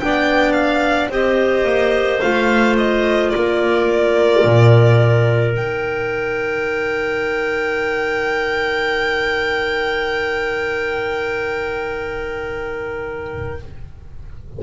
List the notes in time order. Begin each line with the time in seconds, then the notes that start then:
0.00 B3 D4 D5 G5
0.53 F5
1.09 C4 G4 C5 D#5
1.64 A#3
2.21 A3 F4 F5
2.77 D#5
3.30 A#3 A#4 D5
4.44 A#2
5.54 D#3 D#4 G5